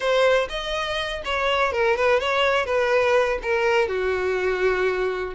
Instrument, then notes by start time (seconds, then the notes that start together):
violin
0.00 C5
0.49 D#5
1.24 C#5
1.72 A#4
1.96 B4
2.20 C#5
2.65 B4
3.42 A#4
3.88 F#4